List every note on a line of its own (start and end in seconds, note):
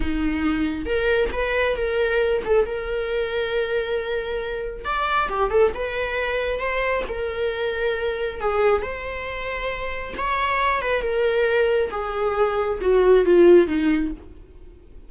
0.00 0.85 D#4
0.85 1.29 A#4
1.32 1.76 B4
1.76 2.42 A#4
2.45 2.66 A4
2.66 4.84 A#4
4.84 5.28 D5
5.29 5.50 G4
5.50 5.72 A4
5.74 6.59 B4
6.59 7.03 C5
7.08 8.40 A#4
8.40 8.81 G#4
8.81 10.14 C5
10.17 10.81 C#5
10.81 11.01 B4
11.01 11.90 A#4
11.91 12.79 G#4
12.81 13.25 F#4
13.25 13.67 F4
13.67 14.11 D#4